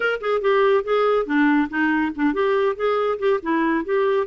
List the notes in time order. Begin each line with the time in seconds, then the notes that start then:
0.00 A#4
0.20 G#4
0.41 G4
0.84 G#4
1.26 D4
1.69 D#4
2.15 D4
2.33 G4
2.75 G#4
3.18 G4
3.42 E4
3.85 G4